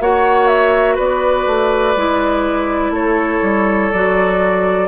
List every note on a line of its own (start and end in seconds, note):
0.00 0.98 A#3
0.00 1.97 F#4
0.00 0.95 C#5
0.00 0.47 F#5
0.47 0.96 E5
0.95 1.46 B3
0.95 2.92 B4
0.95 2.94 D5
1.46 1.95 A3
1.96 2.90 G#3
1.96 3.94 E4
2.90 3.39 A3
2.90 4.88 A4
2.90 3.92 C#5
3.42 3.91 G3
3.92 4.88 F#3
3.92 4.88 F#4
3.92 4.88 D5